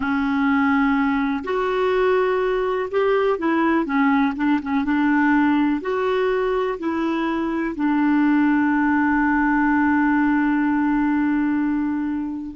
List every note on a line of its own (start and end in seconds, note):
0.00 1.43 C#4
1.44 2.89 F#4
2.90 3.38 G4
3.38 3.85 E4
3.85 4.33 C#4
4.35 4.60 D4
4.61 4.84 C#4
4.84 5.81 D4
5.81 6.77 F#4
6.78 7.75 E4
7.75 12.56 D4